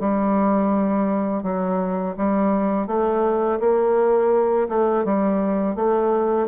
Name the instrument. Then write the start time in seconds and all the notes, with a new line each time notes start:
bassoon
0.00 G3
1.43 F#3
2.17 G3
2.87 A3
3.59 A#3
4.69 A3
5.05 G3
5.76 A3